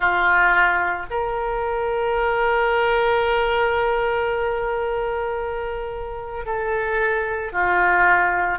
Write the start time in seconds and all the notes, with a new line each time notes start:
0.00 F4
1.10 A#4
6.45 A4
7.52 F4